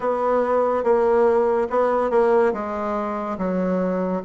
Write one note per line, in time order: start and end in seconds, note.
0.00 0.83 B3
0.83 1.67 A#3
1.70 2.10 B3
2.10 2.52 A#3
2.53 3.37 G#3
3.38 4.22 F#3